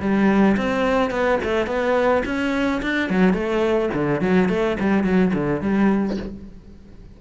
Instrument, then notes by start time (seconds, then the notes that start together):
cello
0.00 G3
0.57 C4
1.11 B3
1.43 A3
1.66 B3
2.25 C#4
2.82 D4
3.10 F#3
3.33 A3
3.93 D3
4.21 F#3
4.49 A3
4.80 G3
5.04 F#3
5.34 D3
5.61 G3